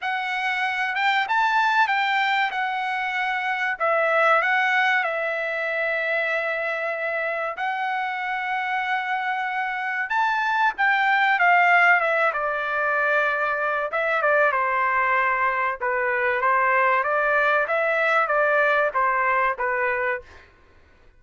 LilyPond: \new Staff \with { instrumentName = "trumpet" } { \time 4/4 \tempo 4 = 95 fis''4. g''8 a''4 g''4 | fis''2 e''4 fis''4 | e''1 | fis''1 |
a''4 g''4 f''4 e''8 d''8~ | d''2 e''8 d''8 c''4~ | c''4 b'4 c''4 d''4 | e''4 d''4 c''4 b'4 | }